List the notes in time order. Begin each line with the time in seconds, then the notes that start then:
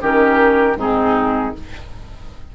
0.00 D#3 C#4 G4 A#4
0.75 G#2 C4 D#4 G#4